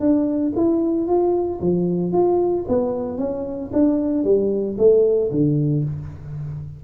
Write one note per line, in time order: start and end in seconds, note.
0.00 0.53 D4
0.56 1.07 E4
1.07 1.60 F4
1.60 2.12 F3
2.12 2.65 F4
2.68 3.18 B3
3.18 3.71 C#4
3.72 4.24 D4
4.24 4.77 G3
4.78 5.31 A3
5.31 5.84 D3